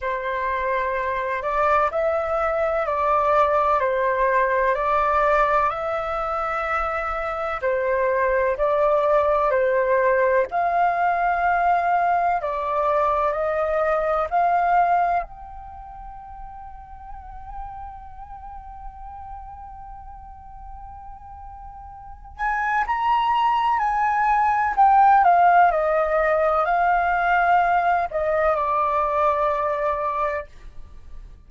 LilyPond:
\new Staff \with { instrumentName = "flute" } { \time 4/4 \tempo 4 = 63 c''4. d''8 e''4 d''4 | c''4 d''4 e''2 | c''4 d''4 c''4 f''4~ | f''4 d''4 dis''4 f''4 |
g''1~ | g''2.~ g''8 gis''8 | ais''4 gis''4 g''8 f''8 dis''4 | f''4. dis''8 d''2 | }